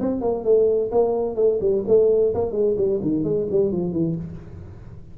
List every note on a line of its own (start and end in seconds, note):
0.00 0.21 C4
0.21 0.44 A#3
0.44 0.91 A3
0.91 1.36 A#3
1.36 1.59 A3
1.60 1.84 G3
1.88 2.34 A3
2.34 2.52 A#3
2.52 2.75 G#3
2.77 3.00 G3
3.02 3.24 D#3
3.24 3.47 G#3
3.51 3.72 G3
3.72 3.92 F3
3.92 4.15 E3